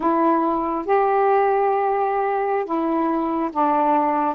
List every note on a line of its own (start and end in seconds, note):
0.00 0.85 E4
0.85 2.65 G4
2.65 3.50 E4
3.52 4.35 D4